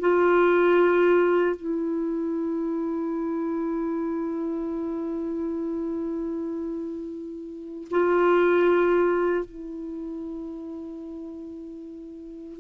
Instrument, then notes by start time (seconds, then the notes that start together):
clarinet
0.00 F4
1.56 E4
7.91 F4
9.45 E4